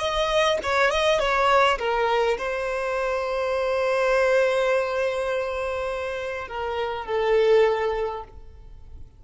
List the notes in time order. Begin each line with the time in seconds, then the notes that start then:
0.00 D#5
0.64 C#5
0.91 D#5
1.20 C#5
1.79 A#4
2.39 C5
6.48 A#4
7.06 A4